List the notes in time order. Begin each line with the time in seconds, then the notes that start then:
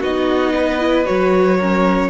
0.00 B3 D#4 F#4 D#5
0.55 B4
0.79 E4
1.05 F#3 F#4 C#5
1.58 C#4 A#4